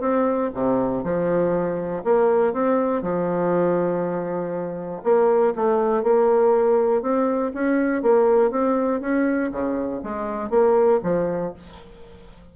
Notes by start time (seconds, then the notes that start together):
0.00 C4
0.54 C3
1.03 F3
2.04 A#3
2.53 C4
3.02 F3
5.03 A#3
5.55 A3
6.03 A#3
7.02 C4
7.53 C#4
8.02 A#3
8.50 C4
9.00 C#4
9.51 C#3
10.03 G#3
10.50 A#3
11.03 F3